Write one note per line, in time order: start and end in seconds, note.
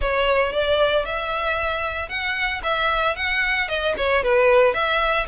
0.01 0.52 C#5
0.52 1.05 D5
1.05 2.09 E5
2.09 2.61 F#5
2.63 3.16 E5
3.16 3.68 F#5
3.68 3.94 D#5
3.97 4.23 C#5
4.23 4.73 B4
4.73 5.26 E5